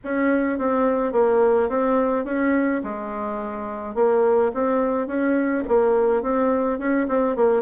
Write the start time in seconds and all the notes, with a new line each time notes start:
0.03 C#4
0.58 C4
1.12 A#3
1.69 C4
2.25 C#4
2.83 G#3
3.95 A#3
4.53 C4
5.07 C#4
5.68 A#3
6.22 C4
6.78 C#4
7.08 C4
7.36 A#3